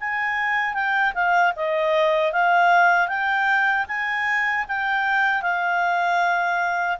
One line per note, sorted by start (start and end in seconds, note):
0.00 0.74 G#5
0.74 1.13 G5
1.14 1.53 F5
1.56 2.33 D#5
2.33 3.08 F5
3.08 3.86 G5
3.88 4.66 G#5
4.68 5.42 G5
5.42 6.98 F5